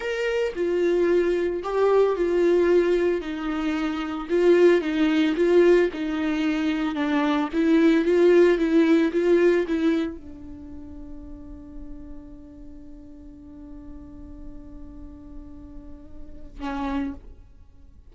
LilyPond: \new Staff \with { instrumentName = "viola" } { \time 4/4 \tempo 4 = 112 ais'4 f'2 g'4 | f'2 dis'2 | f'4 dis'4 f'4 dis'4~ | dis'4 d'4 e'4 f'4 |
e'4 f'4 e'4 d'4~ | d'1~ | d'1~ | d'2. cis'4 | }